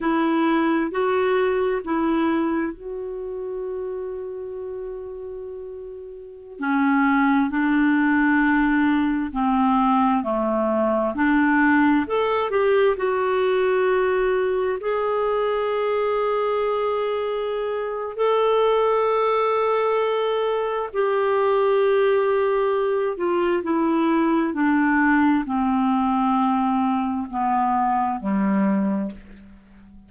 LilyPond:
\new Staff \with { instrumentName = "clarinet" } { \time 4/4 \tempo 4 = 66 e'4 fis'4 e'4 fis'4~ | fis'2.~ fis'16 cis'8.~ | cis'16 d'2 c'4 a8.~ | a16 d'4 a'8 g'8 fis'4.~ fis'16~ |
fis'16 gis'2.~ gis'8. | a'2. g'4~ | g'4. f'8 e'4 d'4 | c'2 b4 g4 | }